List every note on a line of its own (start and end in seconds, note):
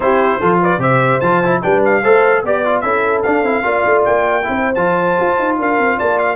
0.00 0.41 C4
0.00 0.41 E4
0.00 0.39 G4
0.00 0.59 C5
0.39 0.78 F3
0.39 0.79 F4
0.39 0.60 A4
0.61 0.81 B4
0.61 0.82 D5
0.78 1.18 C3
0.78 1.20 G4
0.78 1.62 C5
0.78 1.20 E5
1.20 1.62 F3
1.20 1.43 F4
1.20 1.61 A5
1.44 1.61 E4
1.61 2.03 G3
1.61 2.02 D4
1.61 2.02 B4
1.61 1.82 G5
1.84 2.45 F5
2.02 2.43 A3
2.02 2.44 A4
2.02 2.43 C5
2.43 2.83 B3
2.43 2.65 G4
2.43 2.83 D5
2.43 2.81 D5
2.65 2.84 F4
2.81 3.23 C#4
2.81 3.24 E4
2.81 3.64 A4
2.81 3.21 E5
3.22 3.42 D4
3.22 3.45 D4
3.22 4.04 F5
3.42 3.63 C4
3.42 3.63 E4
3.63 3.85 A#3
3.63 4.42 F4
3.63 4.45 D5
3.85 4.05 A3
4.04 4.47 A#3
4.04 4.75 G5
4.42 4.76 C4
4.42 4.73 E4
4.42 5.59 C5
4.75 5.16 F3
4.75 6.36 F4
4.75 5.56 A5
5.19 5.38 F4
5.38 5.58 D#4
5.58 5.78 D4
5.58 5.96 A#4
5.58 5.99 F5
5.78 5.98 C4
5.96 6.36 A#3
5.96 6.36 D5
5.96 6.19 A5
6.19 6.36 F5